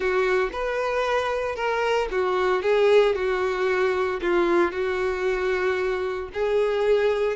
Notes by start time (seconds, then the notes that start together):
0.00 F#4
0.52 B4
1.55 A#4
2.11 F#4
2.62 G#4
3.15 F#4
4.21 F4
4.71 F#4
6.33 G#4